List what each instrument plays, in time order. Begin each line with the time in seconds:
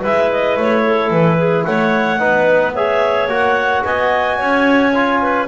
0.00 double bass G#3, trombone E4, clarinet B4 E5
0.32 clarinet D#5
0.57 double bass A3, clarinet C#5
0.85 clarinet A4
1.10 double bass E3, clarinet B4
1.38 clarinet G#4
1.64 double bass A3, clarinet C#5 F#5
2.19 double bass B3, trombone D#4, clarinet B4
2.74 trombone G#4, clarinet C#5 E5
3.27 double bass A#3, trombone F#4, clarinet F#5
3.84 double bass B3, clarinet D#5 G#5
4.38 double bass C#4, clarinet C#5
4.94 trombone F4
5.22 clarinet B4